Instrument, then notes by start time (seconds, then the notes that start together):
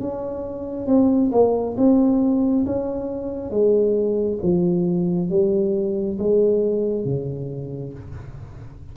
tuba
0.00 C#4
0.87 C4
1.32 A#3
1.77 C4
2.66 C#4
3.51 G#3
4.42 F3
5.30 G3
6.19 G#3
7.05 C#3